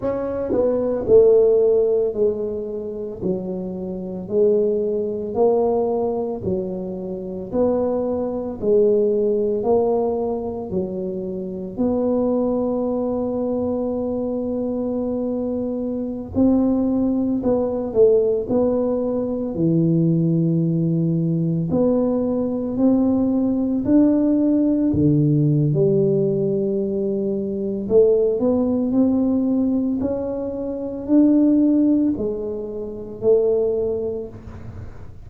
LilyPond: \new Staff \with { instrumentName = "tuba" } { \time 4/4 \tempo 4 = 56 cis'8 b8 a4 gis4 fis4 | gis4 ais4 fis4 b4 | gis4 ais4 fis4 b4~ | b2.~ b16 c'8.~ |
c'16 b8 a8 b4 e4.~ e16~ | e16 b4 c'4 d'4 d8. | g2 a8 b8 c'4 | cis'4 d'4 gis4 a4 | }